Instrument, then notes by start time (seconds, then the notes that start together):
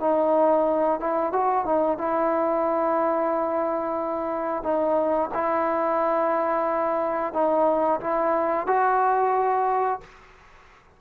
trombone
0.00 D#4
1.00 E4
1.32 F#4
1.65 D#4
1.98 E4
4.63 D#4
5.34 E4
7.33 D#4
8.00 E4
8.67 F#4